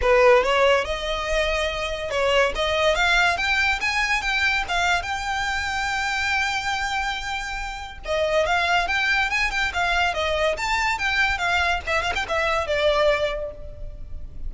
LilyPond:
\new Staff \with { instrumentName = "violin" } { \time 4/4 \tempo 4 = 142 b'4 cis''4 dis''2~ | dis''4 cis''4 dis''4 f''4 | g''4 gis''4 g''4 f''4 | g''1~ |
g''2. dis''4 | f''4 g''4 gis''8 g''8 f''4 | dis''4 a''4 g''4 f''4 | e''8 f''16 g''16 e''4 d''2 | }